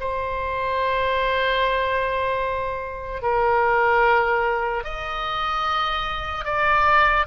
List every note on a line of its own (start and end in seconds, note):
0.00 3.22 C5
3.22 4.84 A#4
4.84 6.45 D#5
6.45 7.26 D5